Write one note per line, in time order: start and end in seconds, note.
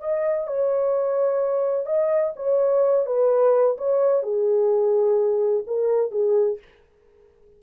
0.00 0.47 D#5
0.47 1.86 C#5
1.86 2.34 D#5
2.36 3.06 C#5
3.06 3.77 B4
3.78 4.23 C#5
4.23 5.65 G#4
5.67 6.11 A#4
6.11 6.59 G#4